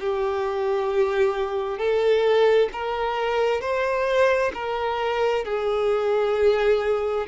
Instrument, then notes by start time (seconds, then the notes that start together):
violin
0.00 G4
1.79 A4
2.73 A#4
3.61 C5
4.54 A#4
5.45 G#4